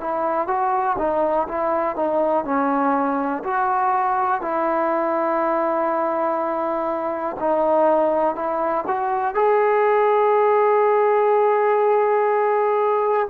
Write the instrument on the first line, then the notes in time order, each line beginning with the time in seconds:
trombone
0.00 E4
0.47 F#4
0.98 D#4
1.48 E4
1.95 D#4
2.44 C#4
3.44 F#4
4.41 E4
7.39 D#4
8.35 E4
8.87 F#4
9.34 G#4